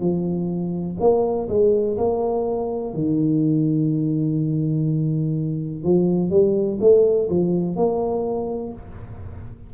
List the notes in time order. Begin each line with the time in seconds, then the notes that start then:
0.00 F3
1.00 A#3
1.48 G#3
1.97 A#3
2.93 D#3
5.83 F3
6.29 G3
6.80 A3
7.29 F3
7.76 A#3